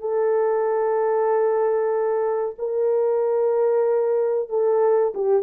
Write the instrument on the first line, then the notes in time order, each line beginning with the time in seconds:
horn
0.00 A4
2.58 A#4
4.49 A4
5.14 G4